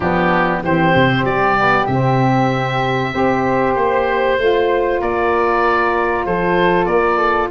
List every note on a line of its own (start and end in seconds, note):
0.00 0.62 F3
0.00 0.64 B3
0.00 0.62 D4
0.00 0.62 G4
0.63 0.94 E3
0.63 1.57 C4
0.63 3.13 G4
0.63 1.25 C5
0.95 1.24 C3
1.24 1.87 G3
1.24 1.86 D5
1.57 1.88 B3
1.86 3.12 C3
1.86 3.13 C4
1.86 3.73 E5
3.13 3.76 C4
3.13 4.38 G4
3.13 5.00 C5
3.75 4.38 A#3
3.75 5.00 C5
4.38 5.01 A3
4.38 7.50 F4
5.00 6.26 A#3
5.00 6.25 A#4
5.00 6.25 D5
6.25 6.86 F3
6.25 6.88 A4
6.25 6.85 C5
6.85 7.49 A#3
6.85 7.17 A#4
6.85 7.48 D5
7.17 7.48 A4